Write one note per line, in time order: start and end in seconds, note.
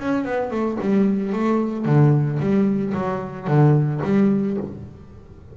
0.00 0.25 C#4
0.25 0.51 B3
0.51 0.78 A3
0.81 1.33 G3
1.33 1.86 A3
1.86 2.39 D3
2.40 2.94 G3
2.94 3.48 F#3
3.48 4.01 D3
4.04 4.58 G3